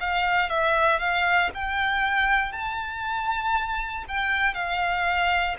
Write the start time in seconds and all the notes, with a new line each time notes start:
0.00 F5
0.49 E5
0.99 F5
1.54 G5
2.51 A5
4.08 G5
4.54 F5